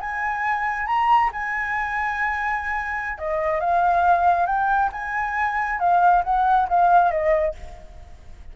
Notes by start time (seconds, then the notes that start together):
0.00 G#5
0.86 A#5
1.32 G#5
3.18 D#5
3.60 F5
4.46 G5
4.92 G#5
5.79 F5
6.23 F#5
6.68 F5
7.11 D#5